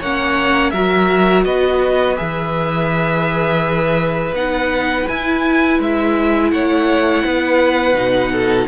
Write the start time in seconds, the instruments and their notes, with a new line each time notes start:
0.00 cello A#3, viola C#4, violin C#5 F#5
0.71 cello F#3, viola F#4, violin A#4 E5
1.45 cello B3, violin B4 D#5
2.17 cello E3, viola G#4, violin E5
4.33 cello B3, viola D#4, violin F#5
5.08 viola E4, cello E4, violin G#5
5.80 cello G#3, violin E5
6.51 cello A3, violin C#5 F#5
7.25 cello B3, violin B4
7.94 cello B2, viola D#4
8.32 violin A4